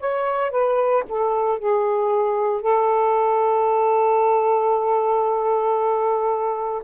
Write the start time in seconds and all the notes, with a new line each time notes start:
0.00 C#5
0.51 B4
1.09 A4
1.59 G#4
2.62 A4